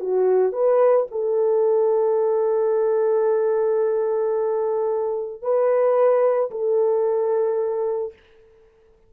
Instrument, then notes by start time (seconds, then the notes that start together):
horn
0.00 F#4
0.53 B4
1.11 A4
5.42 B4
6.51 A4